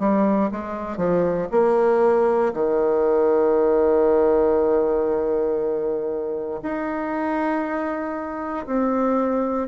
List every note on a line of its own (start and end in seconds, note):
0.00 0.51 G3
0.52 0.98 G#3
0.98 1.48 F3
1.52 2.53 A#3
2.54 6.61 D#3
6.63 8.66 D#4
8.67 9.68 C4